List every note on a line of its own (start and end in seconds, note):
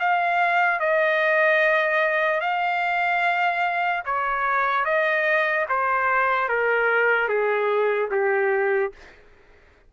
0.00 0.80 F5
0.80 2.41 D#5
2.41 4.03 F5
4.05 4.85 C#5
4.85 5.66 D#5
5.69 6.49 C5
6.49 7.29 A#4
7.29 8.10 G#4
8.11 8.92 G4